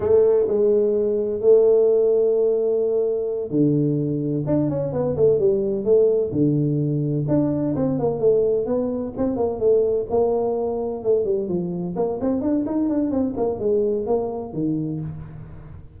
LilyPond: \new Staff \with { instrumentName = "tuba" } { \time 4/4 \tempo 4 = 128 a4 gis2 a4~ | a2.~ a8 d8~ | d4. d'8 cis'8 b8 a8 g8~ | g8 a4 d2 d'8~ |
d'8 c'8 ais8 a4 b4 c'8 | ais8 a4 ais2 a8 | g8 f4 ais8 c'8 d'8 dis'8 d'8 | c'8 ais8 gis4 ais4 dis4 | }